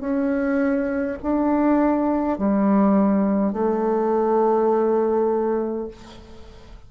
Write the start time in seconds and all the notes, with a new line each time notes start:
0.00 C#4
1.22 D4
2.38 G3
3.52 A3